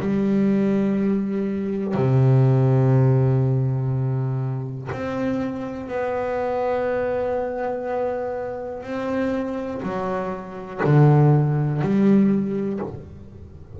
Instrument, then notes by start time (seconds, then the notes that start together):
double bass
0.00 G3
1.95 C3
4.92 C4
5.88 B3
8.83 C4
9.83 F#3
10.84 D3
11.82 G3